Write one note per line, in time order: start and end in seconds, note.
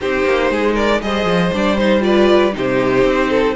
0.01 0.24 C4
0.01 1.01 D#4
0.01 0.51 G4
0.01 0.76 C5
0.24 0.50 A#3
0.50 1.01 G#3
0.50 0.74 G#4
0.74 0.99 A#4
0.74 1.01 D5
1.01 1.25 G3
1.01 1.52 G#4
1.01 2.04 C5
1.01 1.52 D#5
1.25 1.50 F3
1.52 2.55 G3
1.52 1.78 D4
1.52 1.77 D5
1.77 2.00 D#4
1.77 2.03 C5
2.00 2.51 F4
2.00 2.55 B4
2.00 2.54 D5
2.52 3.04 C3
2.52 3.53 D#4
2.52 3.29 G4
2.52 3.55 C5
3.04 3.55 C4
3.29 3.55 A4